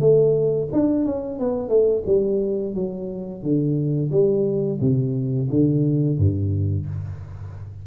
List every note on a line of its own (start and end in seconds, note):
0.00 0.68 A3
0.72 1.05 D4
1.05 1.39 C#4
1.39 1.69 B3
1.69 2.03 A3
2.06 2.74 G3
2.74 3.42 F#3
3.42 4.11 D3
4.11 4.79 G3
4.81 5.49 C3
5.50 6.18 D3
6.18 6.86 G2